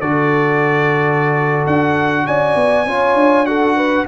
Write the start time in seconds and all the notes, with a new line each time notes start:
0.00 D3 F#4 A4 D5
1.67 D4 F#5
2.27 C#4 D5 G#5
2.56 B3
2.86 C#4 F4 C#5
3.15 D4
3.46 F#4 A4 F#5
3.76 B4